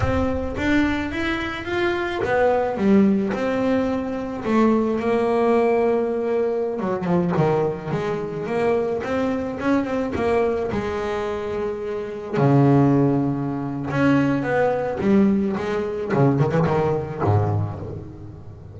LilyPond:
\new Staff \with { instrumentName = "double bass" } { \time 4/4 \tempo 4 = 108 c'4 d'4 e'4 f'4 | b4 g4 c'2 | a4 ais2.~ | ais16 fis8 f8 dis4 gis4 ais8.~ |
ais16 c'4 cis'8 c'8 ais4 gis8.~ | gis2~ gis16 cis4.~ cis16~ | cis4 cis'4 b4 g4 | gis4 cis8 dis16 e16 dis4 gis,4 | }